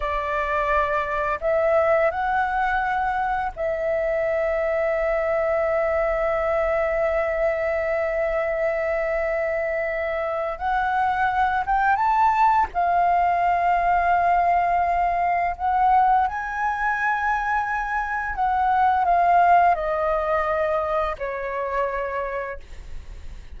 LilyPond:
\new Staff \with { instrumentName = "flute" } { \time 4/4 \tempo 4 = 85 d''2 e''4 fis''4~ | fis''4 e''2.~ | e''1~ | e''2. fis''4~ |
fis''8 g''8 a''4 f''2~ | f''2 fis''4 gis''4~ | gis''2 fis''4 f''4 | dis''2 cis''2 | }